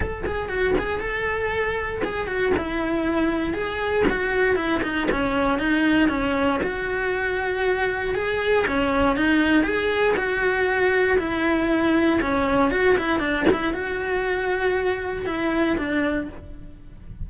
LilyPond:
\new Staff \with { instrumentName = "cello" } { \time 4/4 \tempo 4 = 118 a'8 gis'8 fis'8 gis'8 a'2 | gis'8 fis'8 e'2 gis'4 | fis'4 e'8 dis'8 cis'4 dis'4 | cis'4 fis'2. |
gis'4 cis'4 dis'4 gis'4 | fis'2 e'2 | cis'4 fis'8 e'8 d'8 e'8 fis'4~ | fis'2 e'4 d'4 | }